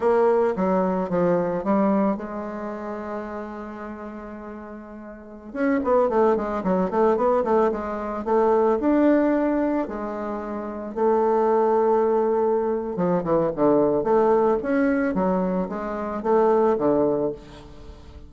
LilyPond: \new Staff \with { instrumentName = "bassoon" } { \time 4/4 \tempo 4 = 111 ais4 fis4 f4 g4 | gis1~ | gis2~ gis16 cis'8 b8 a8 gis16~ | gis16 fis8 a8 b8 a8 gis4 a8.~ |
a16 d'2 gis4.~ gis16~ | gis16 a2.~ a8. | f8 e8 d4 a4 cis'4 | fis4 gis4 a4 d4 | }